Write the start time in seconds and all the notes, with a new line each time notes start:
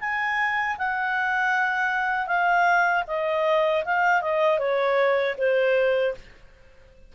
0.00 G#5
0.78 F#5
2.27 F5
3.07 D#5
3.85 F5
4.22 D#5
4.59 C#5
5.37 C5